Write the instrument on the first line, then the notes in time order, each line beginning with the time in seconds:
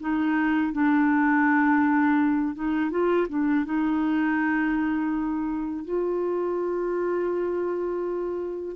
clarinet
0.00 D#4
0.73 D4
2.55 D#4
2.90 F4
3.29 D4
3.65 D#4
5.84 F4